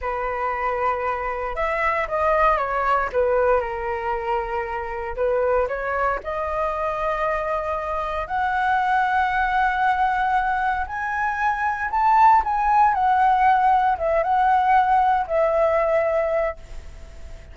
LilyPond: \new Staff \with { instrumentName = "flute" } { \time 4/4 \tempo 4 = 116 b'2. e''4 | dis''4 cis''4 b'4 ais'4~ | ais'2 b'4 cis''4 | dis''1 |
fis''1~ | fis''4 gis''2 a''4 | gis''4 fis''2 e''8 fis''8~ | fis''4. e''2~ e''8 | }